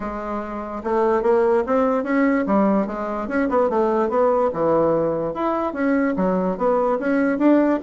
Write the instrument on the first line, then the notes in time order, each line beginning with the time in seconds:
bassoon
0.00 G#3
0.83 A3
1.22 A#3
1.66 C4
2.03 C#4
2.46 G3
2.86 G#3
3.28 C#4
3.49 B3
3.69 A3
4.09 B3
4.53 E3
5.33 E4
5.73 C#4
6.16 F#3
6.57 B3
6.99 C#4
7.38 D4